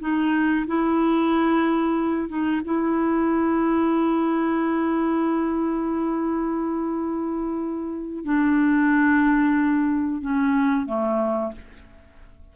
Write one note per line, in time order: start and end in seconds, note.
0.00 0.66 D#4
0.67 2.28 E4
2.28 2.61 D#4
2.64 8.24 E4
8.24 10.21 D4
10.21 10.86 C#4
10.86 11.52 A3